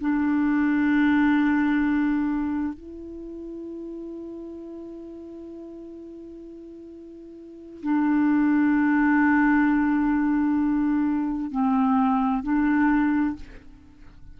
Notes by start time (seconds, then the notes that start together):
0.00 D4
2.74 E4
7.82 D4
11.51 C4
12.43 D4